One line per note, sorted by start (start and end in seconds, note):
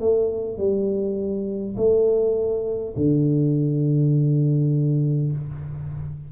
0.00 0.58 A3
0.58 1.76 G3
1.77 2.95 A3
2.97 5.32 D3